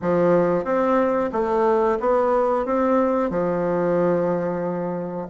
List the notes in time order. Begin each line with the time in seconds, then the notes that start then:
0.01 F3
0.64 C4
1.32 A3
1.99 B3
2.65 C4
3.30 F3